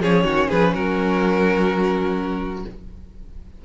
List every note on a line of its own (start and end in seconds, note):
0.00 0.24 F3
0.00 2.63 C#4
0.00 0.24 G#4
0.00 0.50 C#5
0.24 0.47 D#3
0.24 0.47 F#4
0.48 0.75 F3
0.48 0.72 G#4
0.48 0.74 B4
0.74 2.65 F#3
0.74 2.64 F#4
0.74 2.64 A#4